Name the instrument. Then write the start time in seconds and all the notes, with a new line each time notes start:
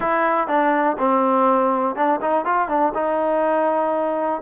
trombone
0.00 E4
0.47 D4
0.98 C4
1.95 D4
2.21 D#4
2.45 F4
2.68 D4
2.94 D#4